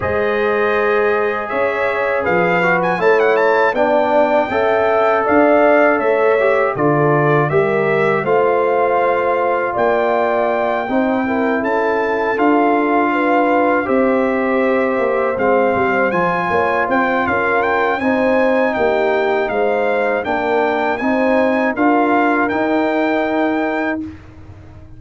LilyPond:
<<
  \new Staff \with { instrumentName = "trumpet" } { \time 4/4 \tempo 4 = 80 dis''2 e''4 f''8. gis''16 | a''16 fis''16 a''8 g''2 f''4 | e''4 d''4 e''4 f''4~ | f''4 g''2~ g''8 a''8~ |
a''8 f''2 e''4.~ | e''8 f''4 gis''4 g''8 f''8 g''8 | gis''4 g''4 f''4 g''4 | gis''4 f''4 g''2 | }
  \new Staff \with { instrumentName = "horn" } { \time 4/4 c''2 cis''4 b'4 | cis''4 d''4 e''4 d''4 | cis''4 a'4 ais'4 c''4~ | c''4 d''4. c''8 ais'8 a'8~ |
a'4. b'4 c''4.~ | c''2 cis''8 c''8 ais'4 | c''4 g'4 c''4 ais'4 | c''4 ais'2. | }
  \new Staff \with { instrumentName = "trombone" } { \time 4/4 gis'2.~ gis'8 fis'8 | e'4 d'4 a'2~ | a'8 g'8 f'4 g'4 f'4~ | f'2~ f'8 dis'8 e'4~ |
e'8 f'2 g'4.~ | g'8 c'4 f'2~ f'8 | dis'2. d'4 | dis'4 f'4 dis'2 | }
  \new Staff \with { instrumentName = "tuba" } { \time 4/4 gis2 cis'4 f4 | a4 b4 cis'4 d'4 | a4 d4 g4 a4~ | a4 ais4. c'4 cis'8~ |
cis'8 d'2 c'4. | ais8 gis8 g8 f8 ais8 c'8 cis'4 | c'4 ais4 gis4 ais4 | c'4 d'4 dis'2 | }
>>